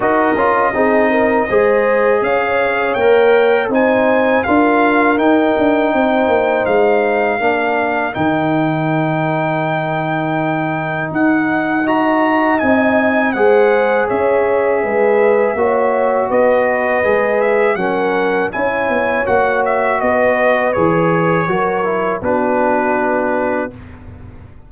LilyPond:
<<
  \new Staff \with { instrumentName = "trumpet" } { \time 4/4 \tempo 4 = 81 dis''2. f''4 | g''4 gis''4 f''4 g''4~ | g''4 f''2 g''4~ | g''2. fis''4 |
ais''4 gis''4 fis''4 e''4~ | e''2 dis''4. e''8 | fis''4 gis''4 fis''8 e''8 dis''4 | cis''2 b'2 | }
  \new Staff \with { instrumentName = "horn" } { \time 4/4 ais'4 gis'8 ais'8 c''4 cis''4~ | cis''4 c''4 ais'2 | c''2 ais'2~ | ais'1 |
dis''2 c''4 cis''4 | b'4 cis''4 b'2 | ais'4 cis''2 b'4~ | b'4 ais'4 fis'2 | }
  \new Staff \with { instrumentName = "trombone" } { \time 4/4 fis'8 f'8 dis'4 gis'2 | ais'4 dis'4 f'4 dis'4~ | dis'2 d'4 dis'4~ | dis'1 |
fis'4 dis'4 gis'2~ | gis'4 fis'2 gis'4 | cis'4 e'4 fis'2 | gis'4 fis'8 e'8 d'2 | }
  \new Staff \with { instrumentName = "tuba" } { \time 4/4 dis'8 cis'8 c'4 gis4 cis'4 | ais4 c'4 d'4 dis'8 d'8 | c'8 ais8 gis4 ais4 dis4~ | dis2. dis'4~ |
dis'4 c'4 gis4 cis'4 | gis4 ais4 b4 gis4 | fis4 cis'8 b8 ais4 b4 | e4 fis4 b2 | }
>>